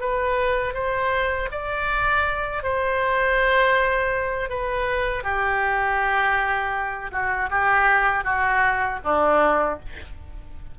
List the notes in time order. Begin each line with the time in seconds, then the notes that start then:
0.00 B4
0.73 C5
1.51 D5
2.62 C5
4.49 B4
5.23 G4
7.11 F#4
7.50 G4
8.24 F#4
9.04 D4